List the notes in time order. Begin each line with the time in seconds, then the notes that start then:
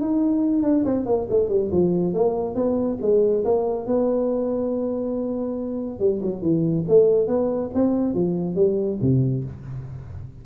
0.00 D#4
0.62 D4
0.85 C4
1.05 A#3
1.29 A3
1.49 G3
1.71 F3
2.14 A#3
2.55 B3
3.01 G#3
3.44 A#3
3.86 B3
5.99 G3
6.22 F#3
6.41 E3
6.88 A3
7.27 B3
7.74 C4
8.14 F3
8.55 G3
9.01 C3